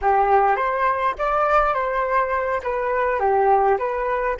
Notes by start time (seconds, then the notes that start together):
0.01 G4
0.56 C5
1.18 D5
1.73 C5
2.63 B4
3.19 G4
3.78 B4